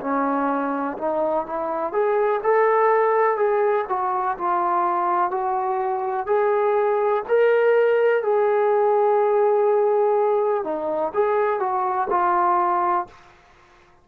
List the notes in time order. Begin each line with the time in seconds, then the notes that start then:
0.00 C#4
0.98 D#4
1.46 E4
1.92 G#4
2.43 A4
3.37 G#4
3.88 F#4
4.38 F4
5.30 F#4
6.26 G#4
7.28 A#4
8.23 G#4
10.64 D#4
11.14 G#4
11.59 F#4
12.10 F4